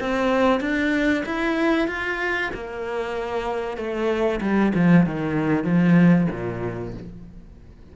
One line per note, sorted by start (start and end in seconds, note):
0.00 0.60 C4
0.60 1.23 D4
1.25 1.87 E4
1.87 2.51 F4
2.54 3.77 A#3
3.77 4.40 A3
4.41 4.72 G3
4.75 5.06 F3
5.06 5.64 D#3
5.64 6.27 F3
6.31 6.94 A#2